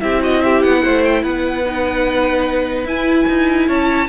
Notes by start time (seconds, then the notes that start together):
0.00 C4 E4 G4 E5
0.22 F#4 D#5
0.42 G4 E5
0.62 B3 F#5
0.83 A3 C5
1.05 G5
1.23 B3 B4 F#5
1.65 D#4
2.84 E4 G#5
3.28 D#4
3.67 C#4 C#5 A5